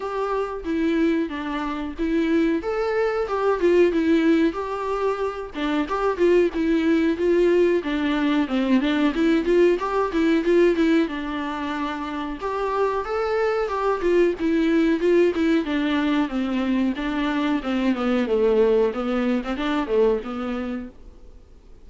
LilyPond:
\new Staff \with { instrumentName = "viola" } { \time 4/4 \tempo 4 = 92 g'4 e'4 d'4 e'4 | a'4 g'8 f'8 e'4 g'4~ | g'8 d'8 g'8 f'8 e'4 f'4 | d'4 c'8 d'8 e'8 f'8 g'8 e'8 |
f'8 e'8 d'2 g'4 | a'4 g'8 f'8 e'4 f'8 e'8 | d'4 c'4 d'4 c'8 b8 | a4 b8. c'16 d'8 a8 b4 | }